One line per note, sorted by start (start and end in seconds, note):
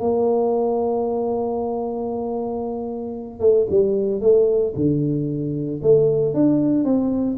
0.00 3.40 A#3
3.40 3.67 A3
3.70 4.21 G3
4.21 4.74 A3
4.76 5.81 D3
5.83 6.34 A3
6.34 6.84 D4
6.84 7.37 C4